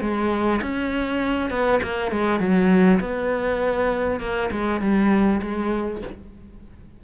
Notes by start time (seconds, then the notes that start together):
0.00 G#3
0.62 C#4
1.50 B3
1.82 A#3
2.11 G#3
2.39 F#3
3.00 B3
4.20 A#3
4.51 G#3
4.81 G3
5.42 G#3